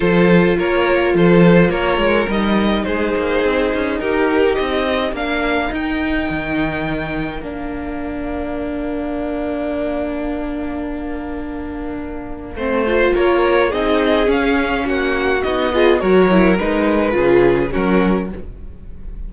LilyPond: <<
  \new Staff \with { instrumentName = "violin" } { \time 4/4 \tempo 4 = 105 c''4 cis''4 c''4 cis''4 | dis''4 c''2 ais'4 | dis''4 f''4 g''2~ | g''4 f''2.~ |
f''1~ | f''2. cis''4 | dis''4 f''4 fis''4 dis''4 | cis''4 b'2 ais'4 | }
  \new Staff \with { instrumentName = "violin" } { \time 4/4 a'4 ais'4 a'4 ais'4~ | ais'4 gis'2 g'4~ | g'4 ais'2.~ | ais'1~ |
ais'1~ | ais'2 c''4 ais'4 | gis'2 fis'4. gis'8 | ais'2 gis'4 fis'4 | }
  \new Staff \with { instrumentName = "viola" } { \time 4/4 f'1 | dis'1~ | dis'4 d'4 dis'2~ | dis'4 d'2.~ |
d'1~ | d'2 c'8 f'4. | dis'4 cis'2 dis'8 f'8 | fis'8 e'8 dis'4 f'4 cis'4 | }
  \new Staff \with { instrumentName = "cello" } { \time 4/4 f4 ais4 f4 ais8 gis8 | g4 gis8 ais8 c'8 cis'8 dis'4 | c'4 ais4 dis'4 dis4~ | dis4 ais2.~ |
ais1~ | ais2 a4 ais4 | c'4 cis'4 ais4 b4 | fis4 gis4 cis4 fis4 | }
>>